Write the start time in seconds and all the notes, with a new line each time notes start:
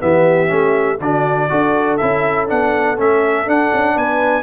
0.00 E3 B3 G4 E5
0.48 A3 C#4
1.00 D3 D4 F#4 D5
1.49 D4 F#4 A4
1.97 C#4 E4 E5
2.47 B3 D4 F#5
2.98 A3 C#4 E5
3.46 D4 F#5
3.73 C#4
3.95 B3 B4 G#5